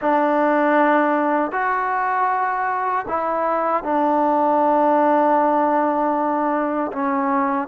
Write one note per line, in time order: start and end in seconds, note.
0.01 1.51 D4
1.51 3.05 F#4
3.08 3.83 E4
3.83 6.91 D4
6.92 7.68 C#4